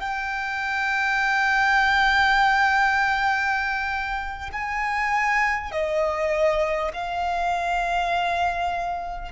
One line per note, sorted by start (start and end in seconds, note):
0.00 4.50 G5
4.53 5.72 G#5
5.72 6.92 D#5
6.93 9.32 F5